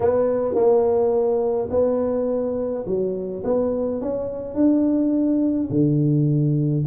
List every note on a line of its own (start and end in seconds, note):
0.00 0.54 B3
0.54 1.69 A#3
1.70 2.84 B3
2.86 3.43 F#3
3.44 4.01 B3
4.01 4.54 C#4
4.54 5.69 D4
5.70 6.84 D3